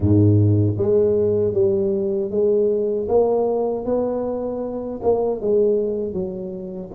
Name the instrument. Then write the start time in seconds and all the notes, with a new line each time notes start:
tuba
0.00 G#2
0.77 G#3
1.53 G3
2.30 G#3
3.08 A#3
3.85 B3
5.02 A#3
5.40 G#3
6.13 F#3